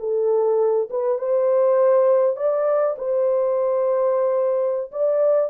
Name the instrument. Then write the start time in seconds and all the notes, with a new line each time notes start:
horn
0.00 A4
0.90 B4
1.19 C5
2.37 D5
2.98 C5
4.92 D5